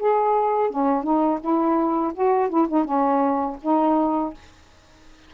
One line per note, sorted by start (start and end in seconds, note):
0.00 0.71 G#4
0.71 1.04 C#4
1.04 1.40 D#4
1.41 2.13 E4
2.14 2.50 F#4
2.50 2.68 E4
2.68 2.85 D#4
2.85 3.57 C#4
3.62 4.34 D#4